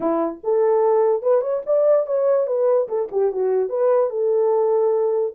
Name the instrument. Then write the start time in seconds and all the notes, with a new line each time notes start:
horn
0.00 E4
0.43 A4
1.22 B4
1.41 C#5
1.66 D5
2.06 C#5
2.46 B4
2.88 A4
3.11 G4
3.32 F#4
3.69 B4
4.10 A4